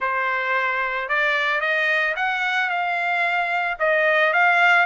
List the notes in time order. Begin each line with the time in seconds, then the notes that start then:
0.00 C5
1.08 D5
1.60 D#5
2.15 F#5
2.69 F5
3.79 D#5
4.33 F5